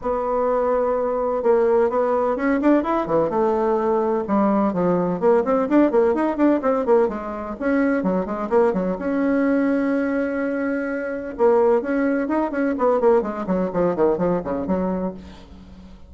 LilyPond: \new Staff \with { instrumentName = "bassoon" } { \time 4/4 \tempo 4 = 127 b2. ais4 | b4 cis'8 d'8 e'8 e8 a4~ | a4 g4 f4 ais8 c'8 | d'8 ais8 dis'8 d'8 c'8 ais8 gis4 |
cis'4 fis8 gis8 ais8 fis8 cis'4~ | cis'1 | ais4 cis'4 dis'8 cis'8 b8 ais8 | gis8 fis8 f8 dis8 f8 cis8 fis4 | }